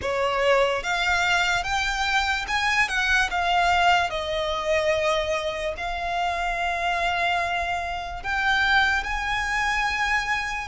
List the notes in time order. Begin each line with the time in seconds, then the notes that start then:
0.01 C#5
0.83 F5
1.63 G5
2.47 G#5
2.88 F#5
3.30 F5
4.10 D#5
5.77 F5
8.23 G5
9.03 G#5